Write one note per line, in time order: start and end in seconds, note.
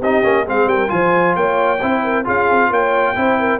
0.00 0.24 C4
0.00 0.23 D#4
0.00 0.45 G4
0.00 0.47 D#5
0.23 0.47 A#3
0.23 0.46 C#4
0.45 0.66 G#3
0.45 0.88 C4
0.45 0.68 G#4
0.45 0.69 F5
0.66 0.89 G3
0.66 0.92 A#4
0.66 0.90 G5
0.88 1.36 F3
0.88 1.78 F4
0.88 1.37 C5
0.88 1.35 G#5
1.36 1.81 A#3
1.36 1.80 C#5
1.36 2.26 G5
1.80 2.28 C4
1.80 2.25 E4
1.80 2.03 C5
2.04 2.25 A#4
2.25 2.50 C#4
2.25 3.15 F4
2.25 2.70 G#4
2.25 2.73 F5
2.50 2.70 C4
2.70 3.16 A#3
2.70 3.15 C#5
2.70 3.60 G5
3.16 3.60 C4
3.16 3.60 E4
3.16 3.39 C5
3.39 3.60 A#4